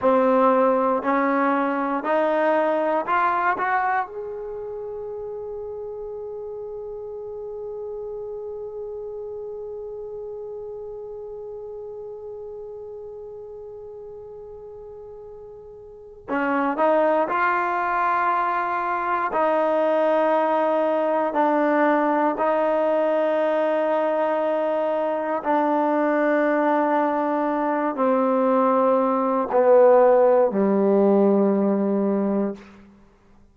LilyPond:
\new Staff \with { instrumentName = "trombone" } { \time 4/4 \tempo 4 = 59 c'4 cis'4 dis'4 f'8 fis'8 | gis'1~ | gis'1~ | gis'1 |
cis'8 dis'8 f'2 dis'4~ | dis'4 d'4 dis'2~ | dis'4 d'2~ d'8 c'8~ | c'4 b4 g2 | }